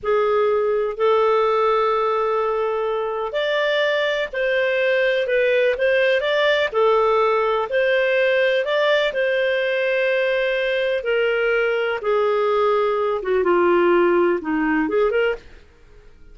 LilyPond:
\new Staff \with { instrumentName = "clarinet" } { \time 4/4 \tempo 4 = 125 gis'2 a'2~ | a'2. d''4~ | d''4 c''2 b'4 | c''4 d''4 a'2 |
c''2 d''4 c''4~ | c''2. ais'4~ | ais'4 gis'2~ gis'8 fis'8 | f'2 dis'4 gis'8 ais'8 | }